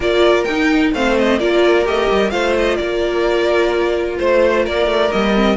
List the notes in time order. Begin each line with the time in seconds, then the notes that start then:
0.00 A#3 F4 A#4 D5
0.44 D#4 G5
0.93 A3 C4 C5 F5
1.17 D#5
1.39 A#3 F4 A#4 D5
1.84 A3 G4 D#5
2.10 G3
2.30 A3 F4 C5 F5
2.58 D#5
2.76 A#3 A#4 D5
4.17 A3 C5
4.64 A#3 A#4 D5
4.86 A3
5.10 G3 A#3 D#5
5.35 C4